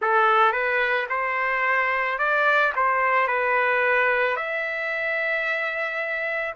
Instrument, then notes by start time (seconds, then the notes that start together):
trumpet
0.01 A4
0.52 B4
1.09 C5
2.18 D5
2.75 C5
3.27 B4
4.36 E5